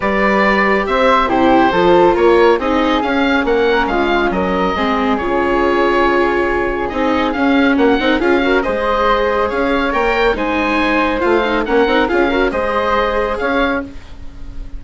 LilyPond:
<<
  \new Staff \with { instrumentName = "oboe" } { \time 4/4 \tempo 4 = 139 d''2 e''4 c''4~ | c''4 cis''4 dis''4 f''4 | fis''4 f''4 dis''2 | cis''1 |
dis''4 f''4 fis''4 f''4 | dis''2 f''4 g''4 | gis''2 f''4 fis''4 | f''4 dis''2 f''4 | }
  \new Staff \with { instrumentName = "flute" } { \time 4/4 b'2 c''4 g'4 | a'4 ais'4 gis'2 | ais'4 f'4 ais'4 gis'4~ | gis'1~ |
gis'2 fis'8 ais'8 gis'8 ais'8 | c''2 cis''2 | c''2. ais'4 | gis'8 ais'8 c''2 cis''4 | }
  \new Staff \with { instrumentName = "viola" } { \time 4/4 g'2. e'4 | f'2 dis'4 cis'4~ | cis'2. c'4 | f'1 |
dis'4 cis'4. dis'8 f'8 fis'8 | gis'2. ais'4 | dis'2 f'8 dis'8 cis'8 dis'8 | f'8 fis'8 gis'2. | }
  \new Staff \with { instrumentName = "bassoon" } { \time 4/4 g2 c'4 c4 | f4 ais4 c'4 cis'4 | ais4 gis4 fis4 gis4 | cis1 |
c'4 cis'4 ais8 c'8 cis'4 | gis2 cis'4 ais4 | gis2 a4 ais8 c'8 | cis'4 gis2 cis'4 | }
>>